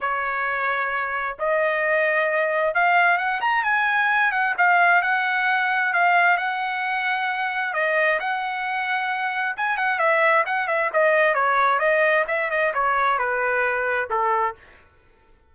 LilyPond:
\new Staff \with { instrumentName = "trumpet" } { \time 4/4 \tempo 4 = 132 cis''2. dis''4~ | dis''2 f''4 fis''8 ais''8 | gis''4. fis''8 f''4 fis''4~ | fis''4 f''4 fis''2~ |
fis''4 dis''4 fis''2~ | fis''4 gis''8 fis''8 e''4 fis''8 e''8 | dis''4 cis''4 dis''4 e''8 dis''8 | cis''4 b'2 a'4 | }